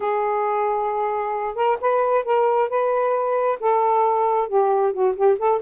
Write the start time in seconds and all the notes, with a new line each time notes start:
0.00 G#4
1.55 A#4
1.81 B4
2.24 A#4
2.69 B4
3.60 A4
4.48 G4
4.92 F#4
5.15 G4
5.39 A4